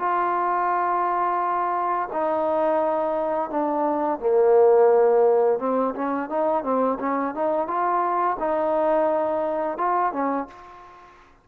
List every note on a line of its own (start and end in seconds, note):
0.00 2.09 F4
2.13 3.51 D#4
3.51 4.20 D4
4.20 5.59 A#3
5.60 5.95 C4
5.95 6.30 C#4
6.30 6.64 D#4
6.64 6.99 C4
7.00 7.35 C#4
7.35 7.68 D#4
7.68 8.38 F4
8.40 9.78 D#4
9.78 10.13 F4
10.13 10.48 C#4